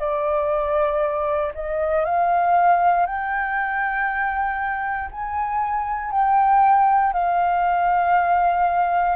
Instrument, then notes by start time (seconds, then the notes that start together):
flute
0.00 D5
1.55 D#5
2.05 F5
3.06 G5
5.12 G#5
6.12 G5
7.13 F5